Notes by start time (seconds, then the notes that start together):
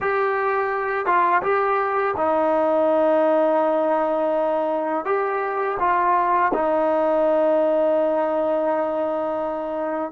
0.00 G4
1.05 F4
1.42 G4
2.17 D#4
5.05 G4
5.79 F4
6.53 D#4